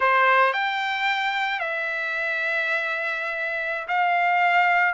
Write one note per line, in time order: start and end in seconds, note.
0.00 0.53 C5
0.53 1.59 G5
1.59 3.87 E5
3.87 4.94 F5